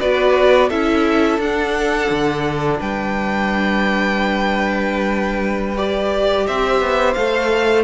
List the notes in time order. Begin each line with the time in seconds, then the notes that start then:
0.00 B3 F#4 B4 D5
0.69 C#4 E4 A4 E5
1.39 D4 F#5
2.10 D3
2.80 G3 B4 G5
5.76 G4 D5
6.47 C4 C5 E5
6.81 B3
7.14 A3 A4 F5